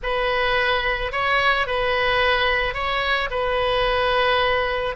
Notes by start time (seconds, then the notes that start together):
0.03 B4
1.12 C#5
1.66 B4
2.74 C#5
3.30 B4